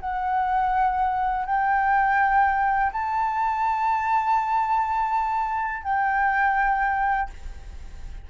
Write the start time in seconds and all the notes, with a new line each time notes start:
0.00 F#5
1.46 G5
2.92 A5
5.83 G5